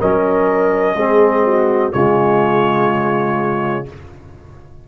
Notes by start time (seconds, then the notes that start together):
0.00 F#3 C#4 A#4 D#5
0.95 G#3 C4 G#4
1.47 F#4
1.93 C#3 G#3 F4 C#5